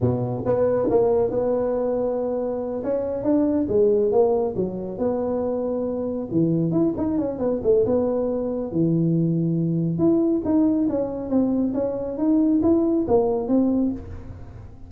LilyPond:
\new Staff \with { instrumentName = "tuba" } { \time 4/4 \tempo 4 = 138 b,4 b4 ais4 b4~ | b2~ b8 cis'4 d'8~ | d'8 gis4 ais4 fis4 b8~ | b2~ b8 e4 e'8 |
dis'8 cis'8 b8 a8 b2 | e2. e'4 | dis'4 cis'4 c'4 cis'4 | dis'4 e'4 ais4 c'4 | }